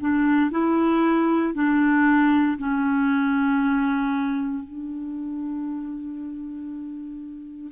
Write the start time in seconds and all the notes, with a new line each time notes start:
0.00 D4
0.51 E4
1.54 D4
2.58 C#4
4.64 D4